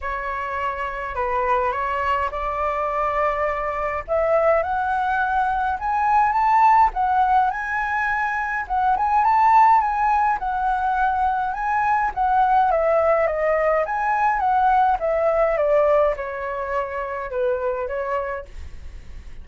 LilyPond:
\new Staff \with { instrumentName = "flute" } { \time 4/4 \tempo 4 = 104 cis''2 b'4 cis''4 | d''2. e''4 | fis''2 gis''4 a''4 | fis''4 gis''2 fis''8 gis''8 |
a''4 gis''4 fis''2 | gis''4 fis''4 e''4 dis''4 | gis''4 fis''4 e''4 d''4 | cis''2 b'4 cis''4 | }